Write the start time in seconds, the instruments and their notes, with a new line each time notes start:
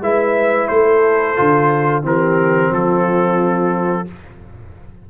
0.00 tuba G#3, trombone E4, horn B4, trumpet E5
0.68 tuba A3, horn A4, trumpet C5
1.36 tuba D3, trombone F4
2.02 tuba E3, trombone C4, horn G4, trumpet A#4
2.71 tuba F3, horn F4, trumpet A4